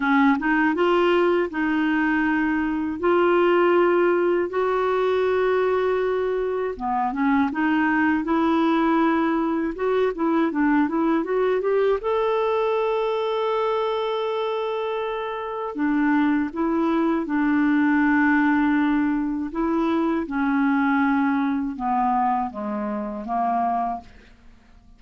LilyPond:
\new Staff \with { instrumentName = "clarinet" } { \time 4/4 \tempo 4 = 80 cis'8 dis'8 f'4 dis'2 | f'2 fis'2~ | fis'4 b8 cis'8 dis'4 e'4~ | e'4 fis'8 e'8 d'8 e'8 fis'8 g'8 |
a'1~ | a'4 d'4 e'4 d'4~ | d'2 e'4 cis'4~ | cis'4 b4 gis4 ais4 | }